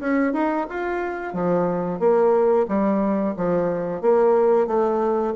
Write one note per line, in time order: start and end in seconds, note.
0.00 0.33 C#4
0.33 0.67 D#4
0.69 1.34 F4
1.34 2.00 F3
2.00 2.66 A#3
2.68 3.35 G3
3.37 4.02 F3
4.02 4.67 A#3
4.67 5.34 A3